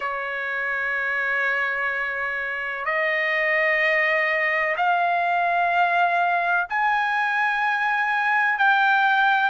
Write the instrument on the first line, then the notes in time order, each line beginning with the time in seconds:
trumpet
0.00 C#5
2.85 D#5
4.76 F5
6.69 G#5
8.58 G5